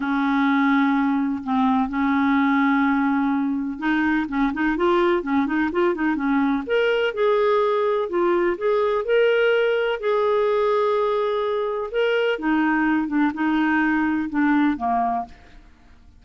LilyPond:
\new Staff \with { instrumentName = "clarinet" } { \time 4/4 \tempo 4 = 126 cis'2. c'4 | cis'1 | dis'4 cis'8 dis'8 f'4 cis'8 dis'8 | f'8 dis'8 cis'4 ais'4 gis'4~ |
gis'4 f'4 gis'4 ais'4~ | ais'4 gis'2.~ | gis'4 ais'4 dis'4. d'8 | dis'2 d'4 ais4 | }